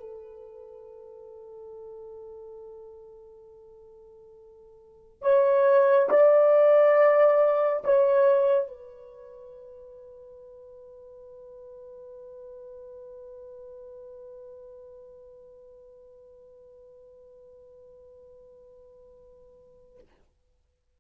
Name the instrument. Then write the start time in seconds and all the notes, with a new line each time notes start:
horn
0.00 A4
5.22 C#5
6.09 D5
7.84 C#5
8.68 B4